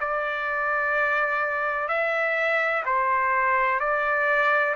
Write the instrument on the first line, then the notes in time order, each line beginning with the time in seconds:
trumpet
0.00 D5
1.88 E5
2.85 C5
3.80 D5